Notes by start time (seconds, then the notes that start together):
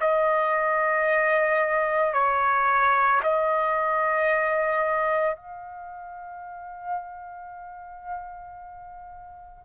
0.00 D#5
2.13 C#5
3.23 D#5
5.36 F5